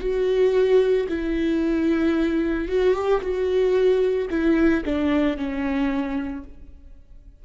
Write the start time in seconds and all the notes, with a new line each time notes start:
0.00 F#4
1.08 E4
2.68 F#4
2.94 G4
3.21 F#4
4.30 E4
4.85 D4
5.37 C#4